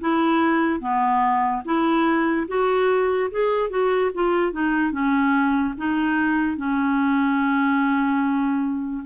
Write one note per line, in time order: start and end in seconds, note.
0.00 0.80 E4
0.80 1.63 B3
1.65 2.47 E4
2.48 3.30 F#4
3.31 3.70 G#4
3.70 4.11 F#4
4.14 4.52 F4
4.52 4.92 D#4
4.92 5.74 C#4
5.77 6.57 D#4
6.57 9.03 C#4